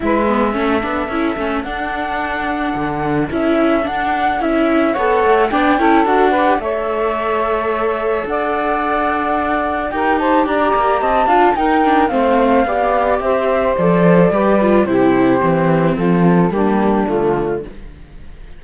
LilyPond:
<<
  \new Staff \with { instrumentName = "flute" } { \time 4/4 \tempo 4 = 109 e''2. fis''4~ | fis''2 e''4 fis''4 | e''4 fis''4 g''4 fis''4 | e''2. fis''4~ |
fis''2 g''8 a''8 ais''4 | a''4 g''4 f''2 | e''4 d''2 c''4~ | c''4 a'4 g'4 f'4 | }
  \new Staff \with { instrumentName = "saxophone" } { \time 4/4 b'4 a'2.~ | a'1~ | a'4 cis''4 d''8 a'4 b'8 | cis''2. d''4~ |
d''2 ais'8 c''8 d''4 | dis''8 f''8 ais'4 c''4 d''4 | c''2 b'4 g'4~ | g'4 f'4 d'2 | }
  \new Staff \with { instrumentName = "viola" } { \time 4/4 e'8 b8 cis'8 d'8 e'8 cis'8 d'4~ | d'2 e'4 d'4 | e'4 a'4 d'8 e'8 fis'8 g'8 | a'1~ |
a'2 g'2~ | g'8 f'8 dis'8 d'8 c'4 g'4~ | g'4 a'4 g'8 f'8 e'4 | c'2 ais4 a4 | }
  \new Staff \with { instrumentName = "cello" } { \time 4/4 gis4 a8 b8 cis'8 a8 d'4~ | d'4 d4 cis'4 d'4 | cis'4 b8 a8 b8 cis'8 d'4 | a2. d'4~ |
d'2 dis'4 d'8 ais8 | c'8 d'8 dis'4 a4 b4 | c'4 f4 g4 c4 | e4 f4 g4 d4 | }
>>